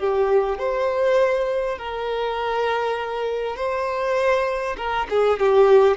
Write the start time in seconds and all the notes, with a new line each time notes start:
0.00 G4
0.59 C5
1.79 A#4
3.57 C5
4.78 A#4
5.10 G#4
5.40 G4